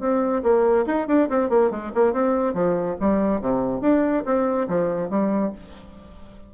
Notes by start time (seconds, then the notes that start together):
0.00 C4
0.43 A#3
0.86 D#4
1.08 D4
1.29 C4
1.50 A#3
1.71 G#3
1.95 A#3
2.13 C4
2.54 F3
3.00 G3
3.41 C3
3.81 D4
4.26 C4
4.68 F3
5.10 G3